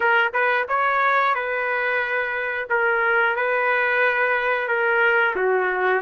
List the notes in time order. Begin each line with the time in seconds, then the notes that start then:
0.00 A#4
0.33 B4
0.68 C#5
1.35 B4
2.69 A#4
3.35 B4
4.68 A#4
5.35 F#4